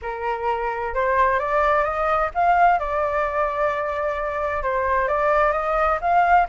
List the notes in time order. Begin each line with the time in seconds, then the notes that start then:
0.02 A#4
0.94 C5
1.39 D5
1.84 D#5
2.34 F5
2.79 D5
4.62 C5
5.08 D5
5.52 D#5
6.01 F5